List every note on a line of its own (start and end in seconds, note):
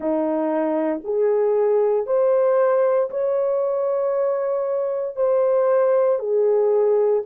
0.00 1.01 D#4
1.03 2.06 G#4
2.06 3.09 C5
3.10 5.15 C#5
5.15 6.19 C5
6.19 7.22 G#4